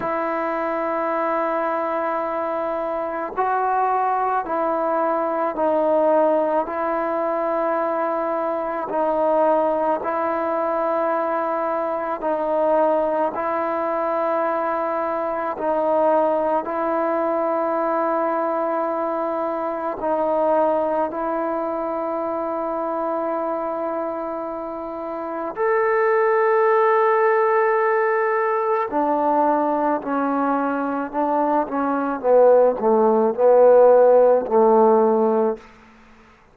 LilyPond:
\new Staff \with { instrumentName = "trombone" } { \time 4/4 \tempo 4 = 54 e'2. fis'4 | e'4 dis'4 e'2 | dis'4 e'2 dis'4 | e'2 dis'4 e'4~ |
e'2 dis'4 e'4~ | e'2. a'4~ | a'2 d'4 cis'4 | d'8 cis'8 b8 a8 b4 a4 | }